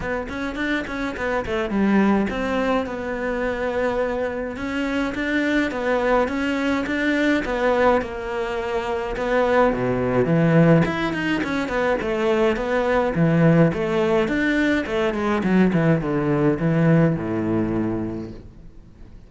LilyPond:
\new Staff \with { instrumentName = "cello" } { \time 4/4 \tempo 4 = 105 b8 cis'8 d'8 cis'8 b8 a8 g4 | c'4 b2. | cis'4 d'4 b4 cis'4 | d'4 b4 ais2 |
b4 b,4 e4 e'8 dis'8 | cis'8 b8 a4 b4 e4 | a4 d'4 a8 gis8 fis8 e8 | d4 e4 a,2 | }